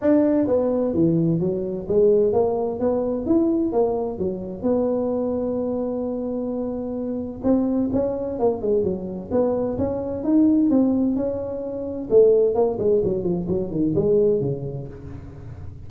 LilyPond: \new Staff \with { instrumentName = "tuba" } { \time 4/4 \tempo 4 = 129 d'4 b4 e4 fis4 | gis4 ais4 b4 e'4 | ais4 fis4 b2~ | b1 |
c'4 cis'4 ais8 gis8 fis4 | b4 cis'4 dis'4 c'4 | cis'2 a4 ais8 gis8 | fis8 f8 fis8 dis8 gis4 cis4 | }